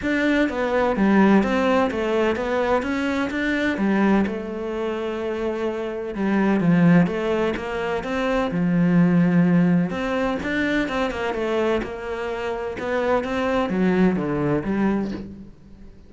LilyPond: \new Staff \with { instrumentName = "cello" } { \time 4/4 \tempo 4 = 127 d'4 b4 g4 c'4 | a4 b4 cis'4 d'4 | g4 a2.~ | a4 g4 f4 a4 |
ais4 c'4 f2~ | f4 c'4 d'4 c'8 ais8 | a4 ais2 b4 | c'4 fis4 d4 g4 | }